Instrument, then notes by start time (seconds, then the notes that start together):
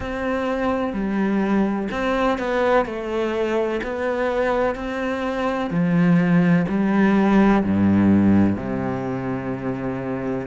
cello
0.00 C4
0.93 G3
1.91 C4
2.38 B3
2.85 A3
3.83 B3
4.75 C4
5.70 F3
6.68 G3
7.64 G2
8.56 C3